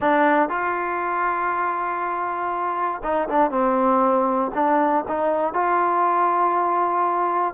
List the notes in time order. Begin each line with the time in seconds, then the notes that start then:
0.00 D4
0.49 F4
3.03 D#4
3.28 D4
3.50 C4
4.54 D4
5.08 D#4
5.53 F4